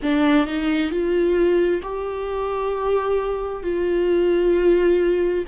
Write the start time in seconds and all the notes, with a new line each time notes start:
0.02 D4
0.46 D#4
0.90 F4
1.82 G4
3.62 F4